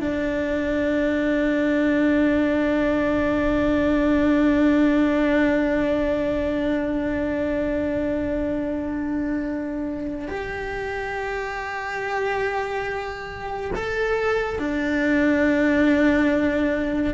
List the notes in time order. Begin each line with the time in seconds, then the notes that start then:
0.00 D4
10.28 G4
13.75 A4
14.58 D4